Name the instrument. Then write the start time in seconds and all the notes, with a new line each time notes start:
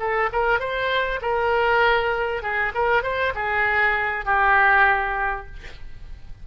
oboe
0.00 A4
0.33 A#4
0.60 C5
1.22 A#4
2.43 G#4
2.75 A#4
3.03 C5
3.36 G#4
4.26 G4